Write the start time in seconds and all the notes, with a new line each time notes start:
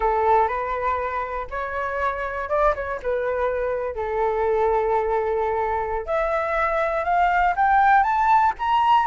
0.00 A4
0.48 B4
1.50 C#5
2.49 D5
2.75 C#5
3.02 B4
3.95 A4
6.06 E5
7.04 F5
7.56 G5
8.03 A5
8.59 A#5